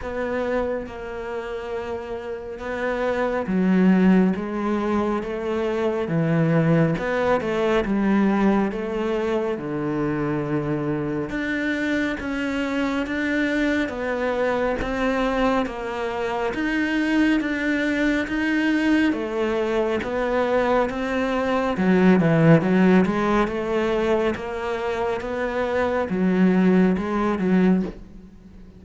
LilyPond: \new Staff \with { instrumentName = "cello" } { \time 4/4 \tempo 4 = 69 b4 ais2 b4 | fis4 gis4 a4 e4 | b8 a8 g4 a4 d4~ | d4 d'4 cis'4 d'4 |
b4 c'4 ais4 dis'4 | d'4 dis'4 a4 b4 | c'4 fis8 e8 fis8 gis8 a4 | ais4 b4 fis4 gis8 fis8 | }